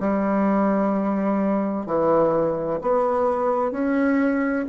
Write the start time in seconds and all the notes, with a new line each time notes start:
0.00 G3
1.86 E3
2.81 B3
3.72 C#4